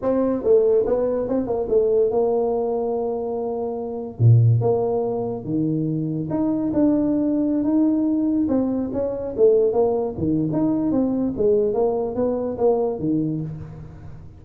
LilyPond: \new Staff \with { instrumentName = "tuba" } { \time 4/4 \tempo 4 = 143 c'4 a4 b4 c'8 ais8 | a4 ais2.~ | ais2 ais,4 ais4~ | ais4 dis2 dis'4 |
d'2~ d'16 dis'4.~ dis'16~ | dis'16 c'4 cis'4 a4 ais8.~ | ais16 dis8. dis'4 c'4 gis4 | ais4 b4 ais4 dis4 | }